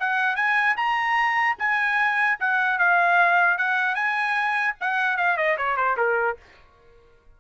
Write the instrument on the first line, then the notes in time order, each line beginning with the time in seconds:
trumpet
0.00 F#5
0.36 G#5
0.77 A#5
1.59 G#5
2.40 F#5
2.79 F5
3.58 F#5
3.95 G#5
4.81 F#5
5.17 F5
5.37 D#5
5.58 C#5
5.77 C5
5.97 A#4